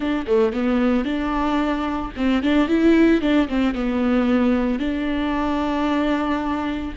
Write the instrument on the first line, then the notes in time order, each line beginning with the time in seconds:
viola
0.00 D4
0.27 A3
0.52 B3
1.04 D4
2.16 C4
2.43 D4
2.68 E4
3.21 D4
3.48 C4
3.74 B3
4.79 D4